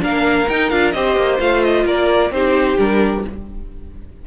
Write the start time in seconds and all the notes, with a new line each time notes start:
0.00 A#3 D4 A#4 F5
0.49 D#4 G5
0.70 D4 F4 F5
0.92 C4 G4 C5 D#5
1.16 A#3
1.39 A3 F4 F5
1.64 D#5
1.85 A#3 A#4 D5
2.31 C4 D#4 G4 C5
2.78 G3 D4 A#4